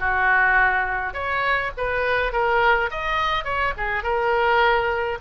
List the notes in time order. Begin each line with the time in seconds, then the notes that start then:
0.00 F#4
1.14 C#5
1.77 B4
2.33 A#4
2.91 D#5
3.45 C#5
3.78 G#4
4.03 A#4